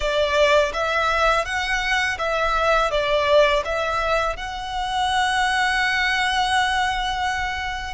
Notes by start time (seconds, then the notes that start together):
0.00 D5
0.73 E5
1.45 F#5
2.18 E5
2.90 D5
3.64 E5
4.36 F#5